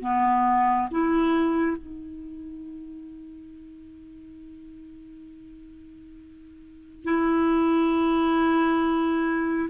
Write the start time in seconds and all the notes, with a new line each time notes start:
0.00 B3
0.91 E4
1.77 D#4
7.04 E4